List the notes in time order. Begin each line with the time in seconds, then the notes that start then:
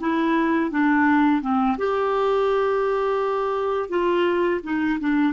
0.00 E4
0.70 D4
1.41 C4
1.78 G4
3.89 F4
4.63 D#4
5.00 D4